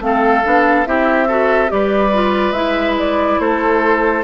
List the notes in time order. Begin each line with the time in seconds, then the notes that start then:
0.00 A3 C4 A4 F5
0.44 B3 D4
0.85 C4 E4 G4 E5
1.28 F#4 A4
1.68 G3 G4 B4 D5
2.13 F4
2.52 G#3 E4 E5
2.99 D5
3.40 A3 A4 C5